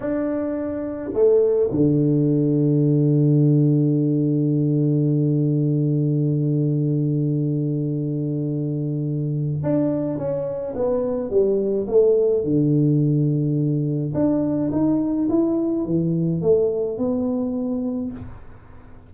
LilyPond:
\new Staff \with { instrumentName = "tuba" } { \time 4/4 \tempo 4 = 106 d'2 a4 d4~ | d1~ | d1~ | d1~ |
d4 d'4 cis'4 b4 | g4 a4 d2~ | d4 d'4 dis'4 e'4 | e4 a4 b2 | }